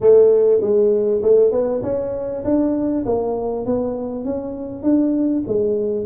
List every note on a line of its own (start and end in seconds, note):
0.00 0.60 A3
0.60 1.21 G#3
1.22 1.51 A3
1.51 1.82 B3
1.83 2.43 C#4
2.44 3.04 D4
3.05 3.65 A#3
3.65 4.25 B3
4.25 4.83 C#4
4.83 5.43 D4
5.47 6.05 G#3